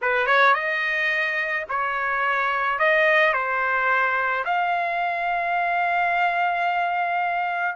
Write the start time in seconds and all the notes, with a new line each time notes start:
0.02 B4
0.26 C#5
0.54 D#5
1.69 C#5
2.79 D#5
3.33 C5
4.44 F5